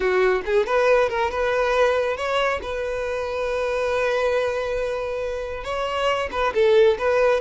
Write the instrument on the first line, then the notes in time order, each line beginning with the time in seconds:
violin
0.00 F#4
0.45 G#4
0.66 B4
1.09 A#4
1.30 B4
2.16 C#5
2.62 B4
5.64 C#5
6.31 B4
6.54 A4
6.98 B4